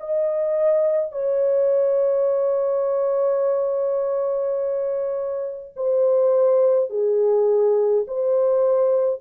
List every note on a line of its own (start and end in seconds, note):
0.00 1.12 D#5
1.12 5.74 C#5
5.76 6.90 C5
6.90 8.06 G#4
8.08 9.21 C5